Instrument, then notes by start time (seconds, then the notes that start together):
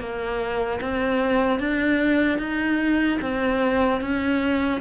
cello
0.00 A#3
0.81 C4
1.60 D4
2.39 D#4
3.22 C4
4.01 C#4